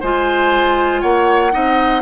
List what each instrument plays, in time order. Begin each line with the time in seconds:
0.00 bassoon G#3, clarinet F4, oboe C5, flute G#5
1.01 bassoon A#3, oboe C#5, flute F#5
1.51 bassoon C4, clarinet D#4, oboe D#5